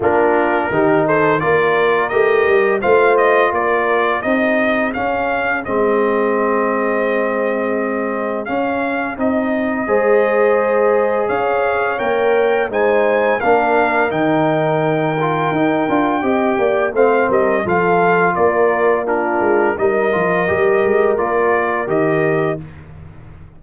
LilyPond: <<
  \new Staff \with { instrumentName = "trumpet" } { \time 4/4 \tempo 4 = 85 ais'4. c''8 d''4 dis''4 | f''8 dis''8 d''4 dis''4 f''4 | dis''1 | f''4 dis''2. |
f''4 g''4 gis''4 f''4 | g''1 | f''8 dis''8 f''4 d''4 ais'4 | dis''2 d''4 dis''4 | }
  \new Staff \with { instrumentName = "horn" } { \time 4/4 f'4 g'8 a'8 ais'2 | c''4 ais'4 gis'2~ | gis'1~ | gis'2 c''2 |
cis''2 c''4 ais'4~ | ais'2. dis''8 d''8 | c''8 ais'8 a'4 ais'4 f'4 | ais'1 | }
  \new Staff \with { instrumentName = "trombone" } { \time 4/4 d'4 dis'4 f'4 g'4 | f'2 dis'4 cis'4 | c'1 | cis'4 dis'4 gis'2~ |
gis'4 ais'4 dis'4 d'4 | dis'4. f'8 dis'8 f'8 g'4 | c'4 f'2 d'4 | dis'8 f'8 g'4 f'4 g'4 | }
  \new Staff \with { instrumentName = "tuba" } { \time 4/4 ais4 dis4 ais4 a8 g8 | a4 ais4 c'4 cis'4 | gis1 | cis'4 c'4 gis2 |
cis'4 ais4 gis4 ais4 | dis2 dis'8 d'8 c'8 ais8 | a8 g8 f4 ais4. gis8 | g8 f8 g8 gis8 ais4 dis4 | }
>>